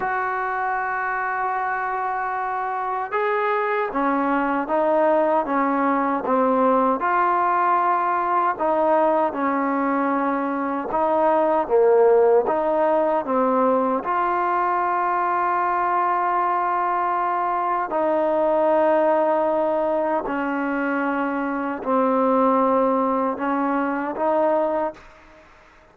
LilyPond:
\new Staff \with { instrumentName = "trombone" } { \time 4/4 \tempo 4 = 77 fis'1 | gis'4 cis'4 dis'4 cis'4 | c'4 f'2 dis'4 | cis'2 dis'4 ais4 |
dis'4 c'4 f'2~ | f'2. dis'4~ | dis'2 cis'2 | c'2 cis'4 dis'4 | }